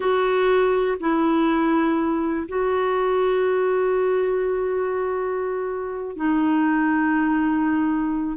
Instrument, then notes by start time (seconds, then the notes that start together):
clarinet
0.00 F#4
1.00 E4
2.48 F#4
6.16 D#4